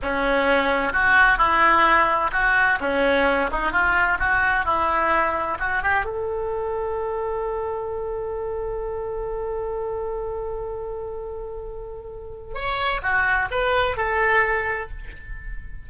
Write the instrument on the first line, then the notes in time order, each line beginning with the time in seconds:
oboe
0.02 C#4
0.92 F#4
1.37 E4
2.32 F#4
2.80 C#4
3.50 D#4
3.71 F4
4.19 F#4
4.65 E4
5.59 F#4
5.82 G4
6.04 A4
12.54 C#5
13.02 F#4
13.51 B4
13.96 A4